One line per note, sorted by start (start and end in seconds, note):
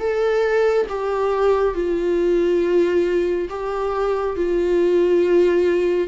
0.00 0.87 A4
0.89 1.75 G4
1.75 3.49 F4
3.50 4.37 G4
4.37 6.08 F4